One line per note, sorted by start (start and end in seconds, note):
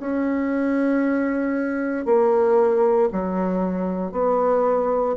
0.00 2.05 C#4
2.05 3.09 A#3
3.12 4.12 F#3
4.12 5.15 B3